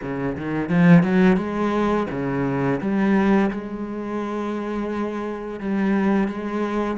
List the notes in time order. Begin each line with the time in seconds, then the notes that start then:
0.02 C#3
0.37 D#3
0.69 F3
1.03 F#3
1.36 G#3
2.10 C#3
2.80 G3
3.51 G#3
5.60 G3
6.28 G#3